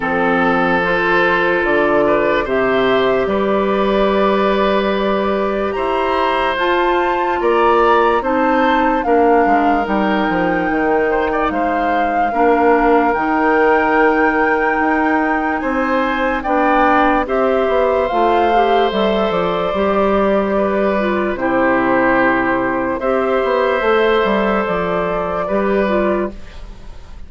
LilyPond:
<<
  \new Staff \with { instrumentName = "flute" } { \time 4/4 \tempo 4 = 73 a'4 c''4 d''4 e''4 | d''2. ais''4 | a''4 ais''4 a''4 f''4 | g''2 f''2 |
g''2. gis''4 | g''4 e''4 f''4 e''8 d''8~ | d''2 c''2 | e''2 d''2 | }
  \new Staff \with { instrumentName = "oboe" } { \time 4/4 a'2~ a'8 b'8 c''4 | b'2. c''4~ | c''4 d''4 c''4 ais'4~ | ais'4. c''16 d''16 c''4 ais'4~ |
ais'2. c''4 | d''4 c''2.~ | c''4 b'4 g'2 | c''2. b'4 | }
  \new Staff \with { instrumentName = "clarinet" } { \time 4/4 c'4 f'2 g'4~ | g'1 | f'2 dis'4 d'4 | dis'2. d'4 |
dis'1 | d'4 g'4 f'8 g'8 a'4 | g'4. f'8 e'2 | g'4 a'2 g'8 f'8 | }
  \new Staff \with { instrumentName = "bassoon" } { \time 4/4 f2 d4 c4 | g2. e'4 | f'4 ais4 c'4 ais8 gis8 | g8 f8 dis4 gis4 ais4 |
dis2 dis'4 c'4 | b4 c'8 b8 a4 g8 f8 | g2 c2 | c'8 b8 a8 g8 f4 g4 | }
>>